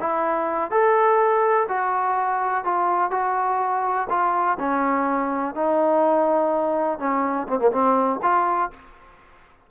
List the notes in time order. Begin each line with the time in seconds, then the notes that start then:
0.00 E4
0.71 A4
1.69 F#4
2.65 F4
3.11 F#4
4.10 F4
4.59 C#4
5.55 D#4
6.99 C#4
7.48 C4
7.59 A#3
7.72 C4
8.22 F4